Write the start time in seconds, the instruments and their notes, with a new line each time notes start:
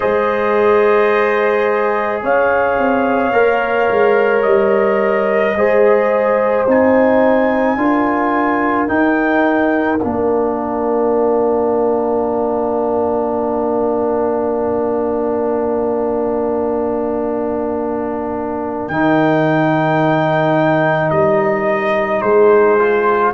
0.00 tuba G#3, trombone G#4, horn C5, trumpet D#5
2.22 tuba C#4, horn C#5, trumpet F5
2.78 tuba C4
3.32 tuba A#3, trombone A#4
3.89 tuba G#3
4.42 tuba G3, trumpet D#5
5.55 tuba G#3, trombone G#4, horn C5
6.67 tuba C4, trombone D#4, trumpet G#5
7.76 tuba D4, trombone F4, horn A#4
8.87 trombone D#4, tuba D#4, trumpet G5
9.99 tuba A#3, trombone D4, trumpet F5
18.88 tuba D#3, trombone D#4, trumpet G5
21.10 tuba G3, trumpet D#5
22.21 tuba G#3, horn G#4, trumpet C5
22.79 trombone F4